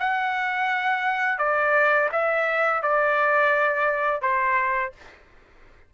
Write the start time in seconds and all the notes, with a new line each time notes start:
0.00 F#5
1.39 D5
2.12 E5
2.83 D5
4.22 C5